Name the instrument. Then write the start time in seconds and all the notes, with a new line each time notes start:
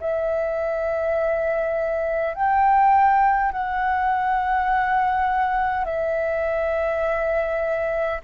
flute
0.00 E5
2.34 G5
3.52 F#5
5.85 E5